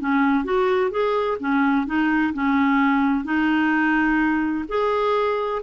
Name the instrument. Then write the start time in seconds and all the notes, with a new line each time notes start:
clarinet
0.00 C#4
0.44 F#4
0.91 G#4
1.40 C#4
1.86 D#4
2.34 C#4
3.24 D#4
4.68 G#4